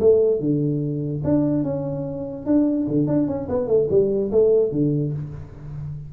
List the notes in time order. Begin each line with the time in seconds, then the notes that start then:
0.00 A3
0.40 D3
1.24 D4
1.64 C#4
2.46 D4
2.88 D3
3.07 D4
3.28 C#4
3.49 B3
3.67 A3
3.90 G3
4.32 A3
4.72 D3